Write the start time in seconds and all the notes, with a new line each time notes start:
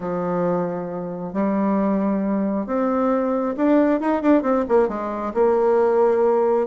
0.00 F3
1.33 G3
2.66 C4
3.56 D4
4.00 D#4
4.22 D4
4.42 C4
4.68 A#3
4.88 G#3
5.34 A#3